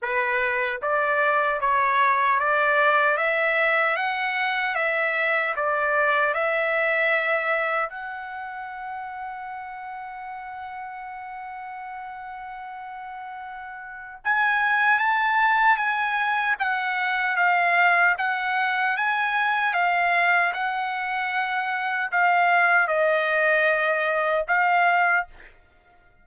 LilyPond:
\new Staff \with { instrumentName = "trumpet" } { \time 4/4 \tempo 4 = 76 b'4 d''4 cis''4 d''4 | e''4 fis''4 e''4 d''4 | e''2 fis''2~ | fis''1~ |
fis''2 gis''4 a''4 | gis''4 fis''4 f''4 fis''4 | gis''4 f''4 fis''2 | f''4 dis''2 f''4 | }